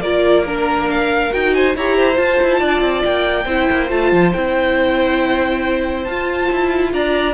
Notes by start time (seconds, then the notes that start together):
0.00 A#3 F4 A#4 D5
0.46 D4 A#4
0.90 F5
1.31 D#4 F#4 G5
1.54 C5 G#5
1.75 E4 G4 C#5 A#5
1.96 C5
2.14 F4 A5
2.42 E4
2.60 D4 D5
2.81 C4
3.04 A#3 G5
3.44 C4 E4 C5
3.71 A#3
3.89 A3 F4 A5
4.12 F3
4.33 C4 E4 G5
6.04 F4 A5
6.52 E4
6.93 D4 D5 A#5